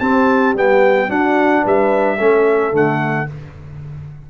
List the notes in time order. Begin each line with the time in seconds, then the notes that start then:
0.00 C4 G4 A5
0.55 G3 B3 G5
1.08 D4 F#4 F#5
1.63 G3 B4 E5
2.19 A3 C#4 A4
2.73 D3 A3 F#5